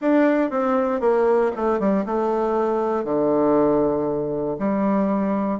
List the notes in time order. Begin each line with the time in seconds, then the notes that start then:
0.01 D4
0.50 C4
1.00 A#3
1.55 A3
1.79 G3
2.05 A3
3.04 D3
4.59 G3